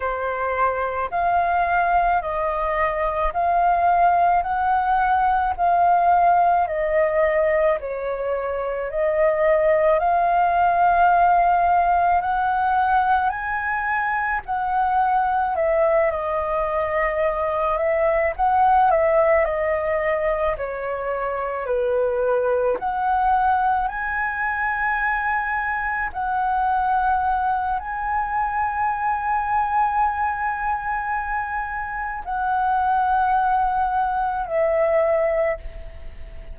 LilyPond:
\new Staff \with { instrumentName = "flute" } { \time 4/4 \tempo 4 = 54 c''4 f''4 dis''4 f''4 | fis''4 f''4 dis''4 cis''4 | dis''4 f''2 fis''4 | gis''4 fis''4 e''8 dis''4. |
e''8 fis''8 e''8 dis''4 cis''4 b'8~ | b'8 fis''4 gis''2 fis''8~ | fis''4 gis''2.~ | gis''4 fis''2 e''4 | }